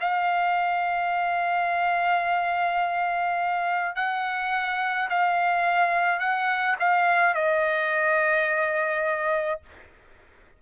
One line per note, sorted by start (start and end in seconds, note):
0.00 3.95 F5
3.95 5.08 F#5
5.09 6.19 F5
6.19 6.76 F#5
6.79 7.34 F5
7.34 9.61 D#5